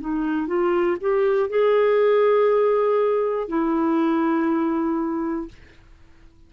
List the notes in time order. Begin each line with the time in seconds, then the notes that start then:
0.00 D#4
0.47 F4
1.00 G4
1.49 G#4
3.48 E4